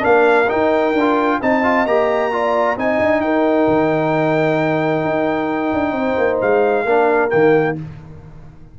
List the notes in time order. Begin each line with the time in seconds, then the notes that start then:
0.00 A#3 D4 A#4 F5
0.48 D#4 G5
0.93 D4
1.00 F4
1.42 C4 D#4 D#5 A5
1.63 F4
1.86 A#3 G4 A#5
2.32 F4 D5
2.77 C4 D#4 D#5 G#5
3.00 D4
3.21 D#4 A#4 G5
3.68 D#3
5.05 D#4
5.73 D4
5.92 C4 C5
6.18 A#3
6.41 G#3 F5
6.85 A#3 D4 A#4
7.30 D#3 A#3 G5